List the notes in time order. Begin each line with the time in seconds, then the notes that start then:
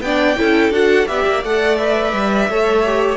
0.00 B3 D4 D5 G5
0.36 C#4 E4 A4
0.69 D4 F#4 F#5
1.06 B3 G4 D5 E5
1.26 A#3
1.43 A3 A4 F#5
1.77 B4 E5
2.12 G3
2.48 A3 A4 C#5
2.85 G4